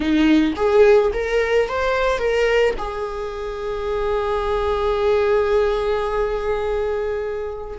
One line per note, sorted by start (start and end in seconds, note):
0.00 0.53 D#4
0.56 1.11 G#4
1.13 1.68 A#4
1.68 2.18 C5
2.18 2.74 A#4
2.78 7.78 G#4